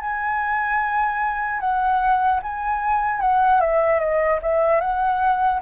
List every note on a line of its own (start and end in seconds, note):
0.00 1.60 G#5
1.60 2.40 F#5
2.42 3.20 G#5
3.20 3.60 F#5
3.60 3.99 E5
3.99 4.39 D#5
4.42 4.80 E5
4.80 5.60 F#5